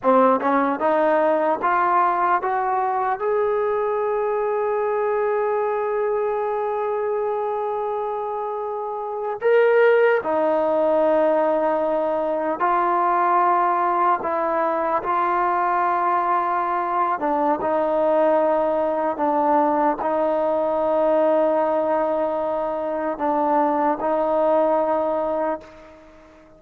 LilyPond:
\new Staff \with { instrumentName = "trombone" } { \time 4/4 \tempo 4 = 75 c'8 cis'8 dis'4 f'4 fis'4 | gis'1~ | gis'2.~ gis'8. ais'16~ | ais'8. dis'2. f'16~ |
f'4.~ f'16 e'4 f'4~ f'16~ | f'4. d'8 dis'2 | d'4 dis'2.~ | dis'4 d'4 dis'2 | }